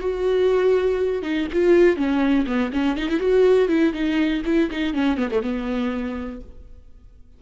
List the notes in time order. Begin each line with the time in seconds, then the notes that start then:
0.00 F#4
1.23 D#4
1.53 F4
1.96 C#4
2.47 B3
2.73 C#4
2.97 D#4
3.09 E4
3.20 F#4
3.69 E4
3.93 D#4
4.45 E4
4.71 D#4
4.94 C#4
5.17 B3
5.31 A3
5.42 B3